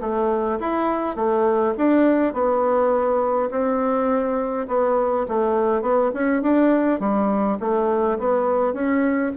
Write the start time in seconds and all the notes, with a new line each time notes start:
0.00 A3
0.60 E4
1.15 A3
1.77 D4
2.33 B3
3.50 C4
4.67 B3
5.28 A3
5.81 B3
6.14 C#4
6.42 D4
7.00 G3
7.59 A3
8.18 B3
8.73 C#4